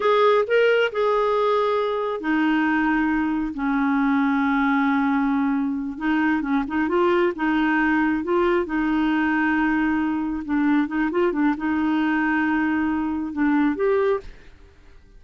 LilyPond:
\new Staff \with { instrumentName = "clarinet" } { \time 4/4 \tempo 4 = 135 gis'4 ais'4 gis'2~ | gis'4 dis'2. | cis'1~ | cis'4. dis'4 cis'8 dis'8 f'8~ |
f'8 dis'2 f'4 dis'8~ | dis'2.~ dis'8 d'8~ | d'8 dis'8 f'8 d'8 dis'2~ | dis'2 d'4 g'4 | }